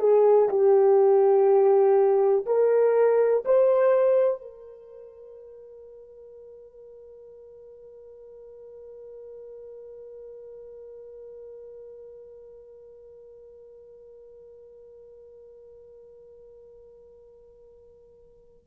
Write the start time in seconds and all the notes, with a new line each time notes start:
0.00 G#4
0.49 G4
2.46 A#4
3.46 C5
4.42 A#4